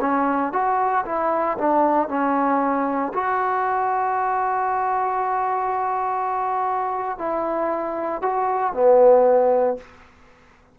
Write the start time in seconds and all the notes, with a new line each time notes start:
0.00 C#4
0.52 F#4
1.05 E4
1.57 D4
2.08 C#4
3.14 F#4
7.18 E4
8.22 F#4
8.73 B3